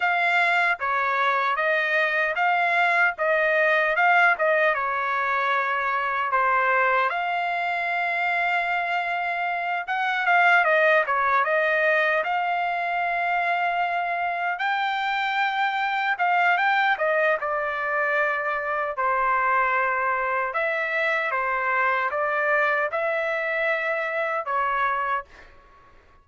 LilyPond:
\new Staff \with { instrumentName = "trumpet" } { \time 4/4 \tempo 4 = 76 f''4 cis''4 dis''4 f''4 | dis''4 f''8 dis''8 cis''2 | c''4 f''2.~ | f''8 fis''8 f''8 dis''8 cis''8 dis''4 f''8~ |
f''2~ f''8 g''4.~ | g''8 f''8 g''8 dis''8 d''2 | c''2 e''4 c''4 | d''4 e''2 cis''4 | }